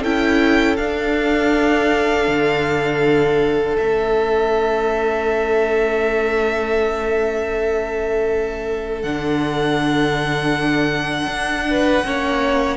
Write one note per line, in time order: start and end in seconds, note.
0.00 0.77 C#4
0.00 0.79 E4
0.00 11.62 A4
0.00 0.76 G5
0.76 2.27 D4
0.76 3.78 D4
0.76 3.76 F5
2.27 3.78 D3
3.77 9.03 A3
3.77 9.03 C#4
3.77 9.02 E5
9.02 11.27 D3
9.02 12.03 D4
9.02 12.77 F#5
11.27 12.02 D4
11.70 12.06 B4
12.03 12.77 A#3
12.03 12.77 C#4
12.03 12.77 C#5